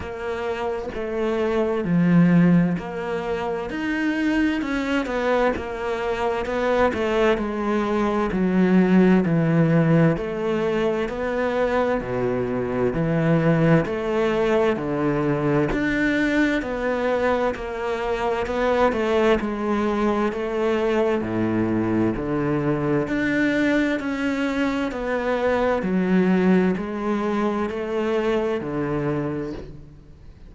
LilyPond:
\new Staff \with { instrumentName = "cello" } { \time 4/4 \tempo 4 = 65 ais4 a4 f4 ais4 | dis'4 cis'8 b8 ais4 b8 a8 | gis4 fis4 e4 a4 | b4 b,4 e4 a4 |
d4 d'4 b4 ais4 | b8 a8 gis4 a4 a,4 | d4 d'4 cis'4 b4 | fis4 gis4 a4 d4 | }